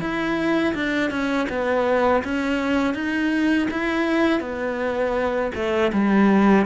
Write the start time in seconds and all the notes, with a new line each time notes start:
0.00 E4
0.75 D4
1.10 C#4
1.49 B3
2.24 C#4
2.94 D#4
3.71 E4
4.40 B3
5.55 A3
5.93 G3